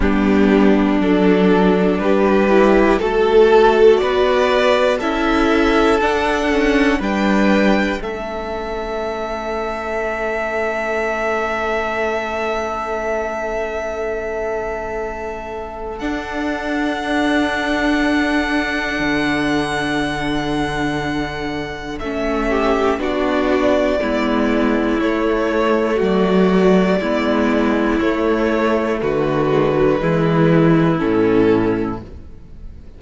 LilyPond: <<
  \new Staff \with { instrumentName = "violin" } { \time 4/4 \tempo 4 = 60 g'4 a'4 b'4 a'4 | d''4 e''4 fis''4 g''4 | e''1~ | e''1 |
fis''1~ | fis''2 e''4 d''4~ | d''4 cis''4 d''2 | cis''4 b'2 a'4 | }
  \new Staff \with { instrumentName = "violin" } { \time 4/4 d'2 g'4 a'4 | b'4 a'2 b'4 | a'1~ | a'1~ |
a'1~ | a'2~ a'8 g'8 fis'4 | e'2 fis'4 e'4~ | e'4 fis'4 e'2 | }
  \new Staff \with { instrumentName = "viola" } { \time 4/4 b4 d'4. e'8 fis'4~ | fis'4 e'4 d'8 cis'8 d'4 | cis'1~ | cis'1 |
d'1~ | d'2 cis'4 d'4 | b4 a2 b4 | a4. gis16 fis16 gis4 cis'4 | }
  \new Staff \with { instrumentName = "cello" } { \time 4/4 g4 fis4 g4 a4 | b4 cis'4 d'4 g4 | a1~ | a1 |
d'2. d4~ | d2 a4 b4 | gis4 a4 fis4 gis4 | a4 d4 e4 a,4 | }
>>